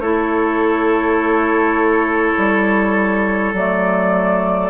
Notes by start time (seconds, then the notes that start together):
0.00 A3 E4 A4 C#5
2.38 G3
3.53 F#3 A3 D5